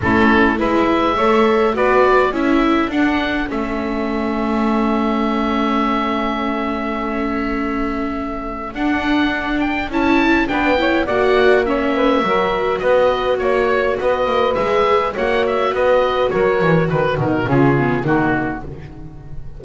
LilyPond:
<<
  \new Staff \with { instrumentName = "oboe" } { \time 4/4 \tempo 4 = 103 a'4 e''2 d''4 | e''4 fis''4 e''2~ | e''1~ | e''2. fis''4~ |
fis''8 g''8 a''4 g''4 fis''4 | e''2 dis''4 cis''4 | dis''4 e''4 fis''8 e''8 dis''4 | cis''4 b'8 ais'8 gis'4 fis'4 | }
  \new Staff \with { instrumentName = "saxophone" } { \time 4/4 e'4 b'4 cis''4 b'4 | a'1~ | a'1~ | a'1~ |
a'2 b'8 cis''8 d''4 | cis''8 b'8 ais'4 b'4 cis''4 | b'2 cis''4 b'4 | ais'4 b'8 dis'8 f'4 dis'4 | }
  \new Staff \with { instrumentName = "viola" } { \time 4/4 cis'4 e'4 a'4 fis'4 | e'4 d'4 cis'2~ | cis'1~ | cis'2. d'4~ |
d'4 e'4 d'8 e'8 fis'4 | cis'4 fis'2.~ | fis'4 gis'4 fis'2~ | fis'2 cis'8 b8 ais4 | }
  \new Staff \with { instrumentName = "double bass" } { \time 4/4 a4 gis4 a4 b4 | cis'4 d'4 a2~ | a1~ | a2. d'4~ |
d'4 cis'4 b4 ais4~ | ais4 fis4 b4 ais4 | b8 ais8 gis4 ais4 b4 | fis8 e8 dis8 b,8 cis4 dis4 | }
>>